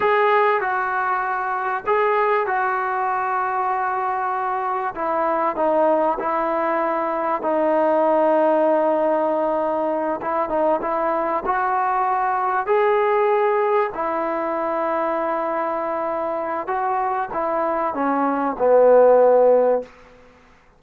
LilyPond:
\new Staff \with { instrumentName = "trombone" } { \time 4/4 \tempo 4 = 97 gis'4 fis'2 gis'4 | fis'1 | e'4 dis'4 e'2 | dis'1~ |
dis'8 e'8 dis'8 e'4 fis'4.~ | fis'8 gis'2 e'4.~ | e'2. fis'4 | e'4 cis'4 b2 | }